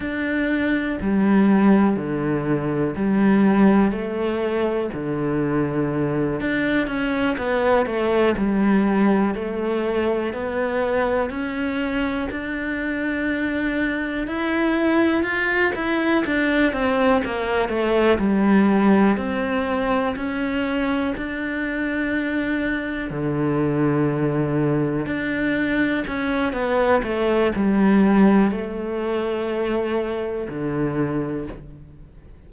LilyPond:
\new Staff \with { instrumentName = "cello" } { \time 4/4 \tempo 4 = 61 d'4 g4 d4 g4 | a4 d4. d'8 cis'8 b8 | a8 g4 a4 b4 cis'8~ | cis'8 d'2 e'4 f'8 |
e'8 d'8 c'8 ais8 a8 g4 c'8~ | c'8 cis'4 d'2 d8~ | d4. d'4 cis'8 b8 a8 | g4 a2 d4 | }